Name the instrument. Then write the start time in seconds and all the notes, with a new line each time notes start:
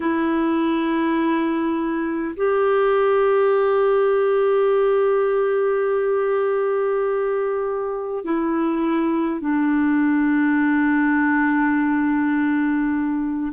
clarinet
0.00 E4
2.36 G4
8.24 E4
9.40 D4